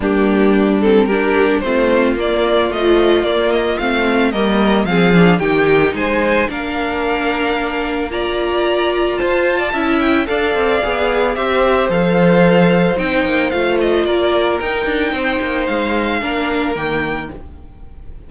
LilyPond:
<<
  \new Staff \with { instrumentName = "violin" } { \time 4/4 \tempo 4 = 111 g'4. a'8 ais'4 c''4 | d''4 dis''4 d''8 dis''8 f''4 | dis''4 f''4 g''4 gis''4 | f''2. ais''4~ |
ais''4 a''4. g''8 f''4~ | f''4 e''4 f''2 | g''4 f''8 dis''8 d''4 g''4~ | g''4 f''2 g''4 | }
  \new Staff \with { instrumentName = "violin" } { \time 4/4 d'2 g'4 f'4~ | f'1 | ais'4 gis'4 g'4 c''4 | ais'2. d''4~ |
d''4 c''8. d''16 e''4 d''4~ | d''4 c''2.~ | c''2 ais'2 | c''2 ais'2 | }
  \new Staff \with { instrumentName = "viola" } { \time 4/4 ais4. c'8 d'4 c'4 | ais4 f4 ais4 c'4 | ais4 c'8 d'8 dis'2 | d'2. f'4~ |
f'2 e'4 a'4 | gis'4 g'4 a'2 | dis'4 f'2 dis'4~ | dis'2 d'4 ais4 | }
  \new Staff \with { instrumentName = "cello" } { \time 4/4 g2. a4 | ais4 a4 ais4 a4 | g4 f4 dis4 gis4 | ais1~ |
ais4 f'4 cis'4 d'8 c'8 | b4 c'4 f2 | c'8 ais8 a4 ais4 dis'8 d'8 | c'8 ais8 gis4 ais4 dis4 | }
>>